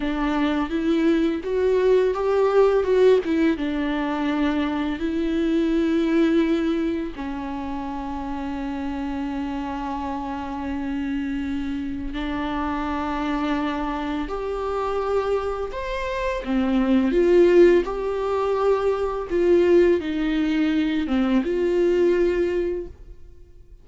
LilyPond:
\new Staff \with { instrumentName = "viola" } { \time 4/4 \tempo 4 = 84 d'4 e'4 fis'4 g'4 | fis'8 e'8 d'2 e'4~ | e'2 cis'2~ | cis'1~ |
cis'4 d'2. | g'2 c''4 c'4 | f'4 g'2 f'4 | dis'4. c'8 f'2 | }